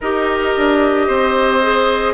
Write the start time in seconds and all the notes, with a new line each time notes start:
0.00 D#4 G4 A#4 D#5
0.56 D4
1.07 C4 C5
1.62 G#4